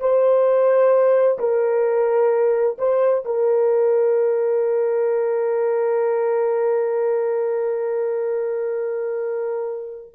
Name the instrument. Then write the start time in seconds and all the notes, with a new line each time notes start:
horn
0.00 C5
1.39 A#4
2.78 C5
3.25 A#4